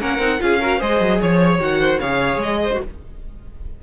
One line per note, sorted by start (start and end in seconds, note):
0.00 0.19 A#3
0.00 0.20 C#4
0.00 0.41 A#4
0.00 0.42 F#5
0.19 0.39 C4
0.19 0.40 D#4
0.40 0.82 C#4
0.40 0.60 F4
0.40 0.61 G#4
0.40 0.82 F5
0.61 0.80 F#4
0.61 0.79 A#4
0.79 1.01 G#3
0.79 1.60 G#4
0.79 1.19 C5
0.79 1.22 D#5
1.01 1.21 F#3
1.22 1.60 F3
1.22 1.62 C#5
1.22 1.81 C#5
1.60 2.00 D#3
1.60 2.00 F#4
1.60 2.00 F#5
1.81 2.00 C5
2.00 2.37 C#3
2.00 2.73 G#4
2.00 2.60 C#5
2.00 2.40 F5
2.37 2.77 G#3
2.37 2.82 D#5
2.64 2.84 C5
2.73 2.83 F#4